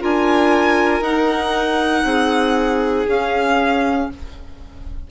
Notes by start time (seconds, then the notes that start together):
0.00 D4 F4 A#4 G#5
1.00 D#4 F#5
2.04 C4 G#4
3.07 C#4 F5